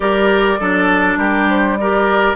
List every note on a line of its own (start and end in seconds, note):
0.00 0.59 G3
0.00 0.58 G4
0.00 0.59 A#4
0.00 1.18 D5
0.59 1.16 F#3
0.59 1.79 D4
0.59 1.18 A4
1.16 2.35 G3
1.16 1.77 G4
1.16 1.48 A#4
1.49 1.76 C5
1.76 2.36 G4
1.76 2.36 A#4
1.76 2.36 D5